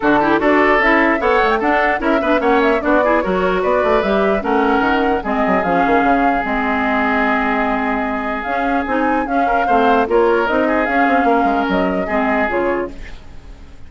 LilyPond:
<<
  \new Staff \with { instrumentName = "flute" } { \time 4/4 \tempo 4 = 149 a'4 d''4 e''4 fis''8. g''16 | fis''4 e''4 fis''8 e''8 d''4 | cis''4 d''4 e''4 fis''4~ | fis''4 dis''4 f''2 |
dis''1~ | dis''4 f''4 gis''4 f''4~ | f''4 cis''4 dis''4 f''4~ | f''4 dis''2 cis''4 | }
  \new Staff \with { instrumentName = "oboe" } { \time 4/4 fis'8 g'8 a'2 cis''4 | a'4 ais'8 b'8 cis''4 fis'8 gis'8 | ais'4 b'2 ais'4~ | ais'4 gis'2.~ |
gis'1~ | gis'2.~ gis'8 ais'8 | c''4 ais'4. gis'4. | ais'2 gis'2 | }
  \new Staff \with { instrumentName = "clarinet" } { \time 4/4 d'8 e'8 fis'4 e'4 a'4 | d'4 e'8 d'8 cis'4 d'8 e'8 | fis'2 g'4 cis'4~ | cis'4 c'4 cis'2 |
c'1~ | c'4 cis'4 dis'4 cis'4 | c'4 f'4 dis'4 cis'4~ | cis'2 c'4 f'4 | }
  \new Staff \with { instrumentName = "bassoon" } { \time 4/4 d4 d'4 cis'4 b8 a8 | d'4 cis'8 b8 ais4 b4 | fis4 b8 a8 g4 a4 | dis4 gis8 fis8 f8 dis8 cis4 |
gis1~ | gis4 cis'4 c'4 cis'4 | a4 ais4 c'4 cis'8 c'8 | ais8 gis8 fis4 gis4 cis4 | }
>>